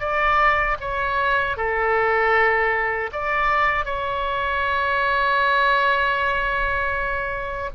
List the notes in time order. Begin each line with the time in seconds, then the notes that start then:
0.00 D5
0.80 C#5
1.57 A4
3.13 D5
3.86 C#5